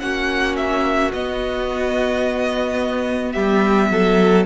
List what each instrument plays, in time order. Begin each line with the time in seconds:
0.00 cello A#3, viola C#4, violin F#4 F#5
0.56 violin E5
1.13 cello B3, viola B3, violin D#5
3.32 cello G3, violin G4 E5
3.90 cello F#3, violin A4